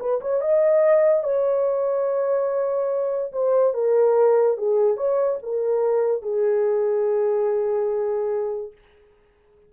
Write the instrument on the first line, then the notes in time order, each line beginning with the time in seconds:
horn
0.00 B4
0.21 C#5
0.41 D#5
1.24 C#5
3.33 C5
3.74 A#4
4.58 G#4
4.97 C#5
5.43 A#4
6.22 G#4